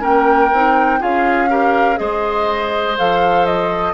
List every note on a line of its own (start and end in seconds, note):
0.00 0.52 A#3
0.00 0.49 C#4
0.00 1.00 A#4
0.00 1.03 G5
0.52 1.01 C4
0.52 1.00 D#4
1.00 2.00 C#4
1.00 1.49 F4
1.00 1.49 G#4
1.00 1.98 F5
1.49 1.96 G4
1.49 1.99 A#4
1.96 2.98 G#3
1.96 2.94 G#4
1.96 3.94 C5
1.96 2.96 D#5
2.98 3.94 F3
2.98 3.94 A4
2.98 3.46 F5
3.46 3.94 D#5